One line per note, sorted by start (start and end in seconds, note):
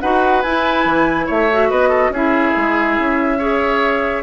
0.00 0.44 D#4
0.00 0.44 F#4
0.00 1.26 B4
0.00 0.42 F#5
0.42 0.85 E4
0.42 1.50 E4
0.42 1.26 G#5
0.85 1.27 E3
1.26 1.70 A3
1.26 1.68 C#5
1.26 1.70 E5
1.51 2.14 F#4
1.69 2.09 B3
1.69 1.89 B4
1.69 2.13 D#5
1.89 2.10 A4
2.09 2.51 C#4
2.09 3.39 E4
2.09 3.38 G#4
2.09 4.23 E5
2.56 2.98 G#3
2.98 4.23 C#4
3.38 4.23 G#4
3.38 4.23 C#5